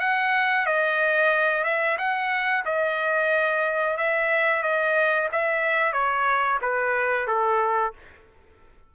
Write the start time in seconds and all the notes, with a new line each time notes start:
0.00 F#5
0.66 D#5
1.64 E5
1.98 F#5
2.66 D#5
3.97 E5
4.63 D#5
5.32 E5
5.93 C#5
6.62 B4
7.27 A4